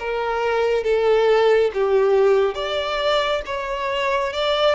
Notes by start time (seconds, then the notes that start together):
0.00 A#4
0.85 A4
1.74 G4
2.55 D5
3.46 C#5
4.34 D5